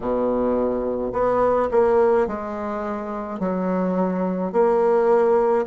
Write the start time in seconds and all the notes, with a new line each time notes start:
0.00 B2
1.12 B3
1.71 A#3
2.26 G#3
3.40 F#3
4.52 A#3